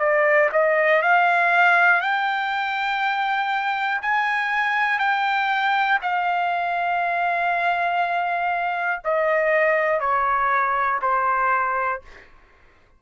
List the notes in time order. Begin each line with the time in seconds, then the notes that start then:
0.00 D5
0.52 D#5
1.02 F5
2.01 G5
4.02 G#5
5.00 G5
6.02 F5
9.05 D#5
10.00 C#5
11.02 C5